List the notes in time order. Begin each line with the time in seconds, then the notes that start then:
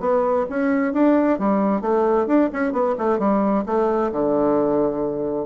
0.00 B3
0.50 C#4
0.93 D4
1.39 G3
1.81 A3
2.27 D4
2.52 C#4
2.72 B3
2.98 A3
3.19 G3
3.66 A3
4.12 D3